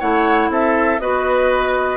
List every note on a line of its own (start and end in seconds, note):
0.00 0.50 A3
0.00 1.00 E4
0.00 0.50 C#5
0.00 0.51 F#5
0.50 1.00 C4
0.50 1.01 A4
0.50 0.99 E5
0.99 1.98 B3
0.99 1.98 F#4
0.99 1.98 B4
0.99 1.98 D#5